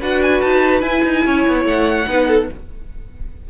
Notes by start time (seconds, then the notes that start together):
0.00 D4 F#4 B4 F#5
0.22 G#5
0.41 D#4 A5
0.81 E4 G#5
1.04 D#4
1.26 C#4 C#5
1.48 B3
1.65 A3 F#5
2.08 B3 D#4 B4
2.28 A4